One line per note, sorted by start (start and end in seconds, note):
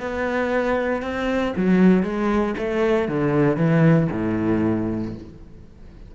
0.00 1.02 B3
1.02 1.54 C4
1.57 2.03 F#3
2.03 2.55 G#3
2.58 3.08 A3
3.08 3.57 D3
3.57 4.08 E3
4.12 5.15 A2